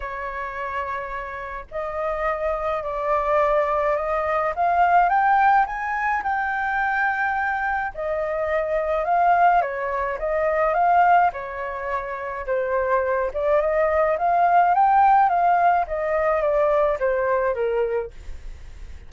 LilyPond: \new Staff \with { instrumentName = "flute" } { \time 4/4 \tempo 4 = 106 cis''2. dis''4~ | dis''4 d''2 dis''4 | f''4 g''4 gis''4 g''4~ | g''2 dis''2 |
f''4 cis''4 dis''4 f''4 | cis''2 c''4. d''8 | dis''4 f''4 g''4 f''4 | dis''4 d''4 c''4 ais'4 | }